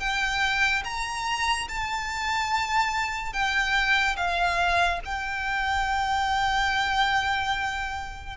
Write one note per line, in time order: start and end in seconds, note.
0.00 0.83 G5
0.85 1.68 A#5
1.69 3.33 A5
3.33 4.17 G5
4.17 5.00 F5
5.06 8.37 G5